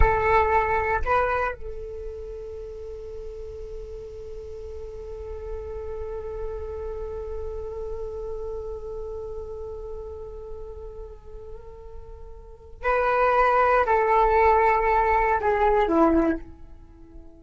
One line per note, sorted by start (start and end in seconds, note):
0.00 1.01 A4
1.04 1.55 B4
1.55 12.83 A4
12.83 13.85 B4
13.86 15.40 A4
15.40 15.88 G#4
15.88 16.39 E4